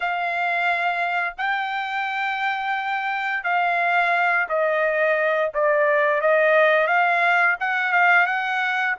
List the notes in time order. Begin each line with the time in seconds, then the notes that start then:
0.00 F5
1.37 G5
3.43 F5
4.48 D#5
5.54 D5
6.21 D#5
6.87 F5
7.60 F#5
7.92 F5
8.26 F#5